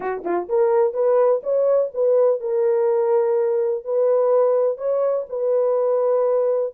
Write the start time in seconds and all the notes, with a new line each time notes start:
0.00 F#4
0.24 F4
0.48 A#4
0.93 B4
1.43 C#5
1.94 B4
2.40 A#4
3.84 B4
4.77 C#5
5.29 B4